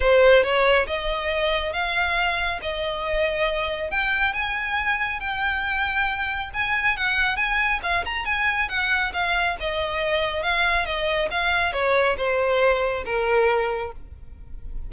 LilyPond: \new Staff \with { instrumentName = "violin" } { \time 4/4 \tempo 4 = 138 c''4 cis''4 dis''2 | f''2 dis''2~ | dis''4 g''4 gis''2 | g''2. gis''4 |
fis''4 gis''4 f''8 ais''8 gis''4 | fis''4 f''4 dis''2 | f''4 dis''4 f''4 cis''4 | c''2 ais'2 | }